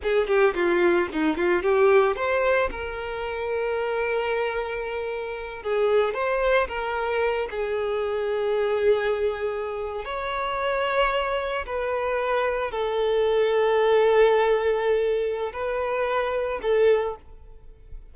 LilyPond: \new Staff \with { instrumentName = "violin" } { \time 4/4 \tempo 4 = 112 gis'8 g'8 f'4 dis'8 f'8 g'4 | c''4 ais'2.~ | ais'2~ ais'8 gis'4 c''8~ | c''8 ais'4. gis'2~ |
gis'2~ gis'8. cis''4~ cis''16~ | cis''4.~ cis''16 b'2 a'16~ | a'1~ | a'4 b'2 a'4 | }